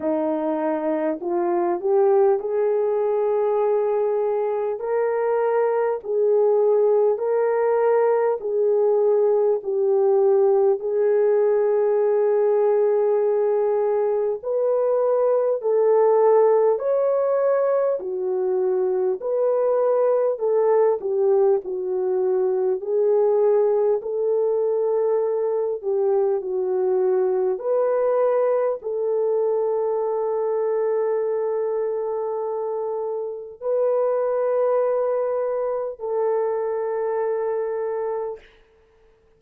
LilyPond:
\new Staff \with { instrumentName = "horn" } { \time 4/4 \tempo 4 = 50 dis'4 f'8 g'8 gis'2 | ais'4 gis'4 ais'4 gis'4 | g'4 gis'2. | b'4 a'4 cis''4 fis'4 |
b'4 a'8 g'8 fis'4 gis'4 | a'4. g'8 fis'4 b'4 | a'1 | b'2 a'2 | }